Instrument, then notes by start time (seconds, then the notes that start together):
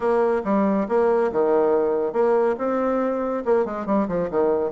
bassoon
0.00 A#3
0.44 G3
0.88 A#3
1.32 D#3
2.13 A#3
2.58 C4
3.45 A#3
3.65 G#3
3.86 G3
4.08 F3
4.30 D#3